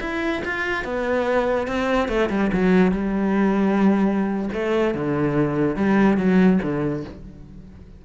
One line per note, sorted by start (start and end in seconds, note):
0.00 0.42 E4
0.45 0.84 F4
0.84 1.67 B3
1.67 2.08 C4
2.08 2.29 A3
2.29 2.50 G3
2.53 2.91 F#3
2.91 4.49 G3
4.53 4.94 A3
4.94 5.76 D3
5.76 6.17 G3
6.17 6.59 F#3
6.62 7.04 D3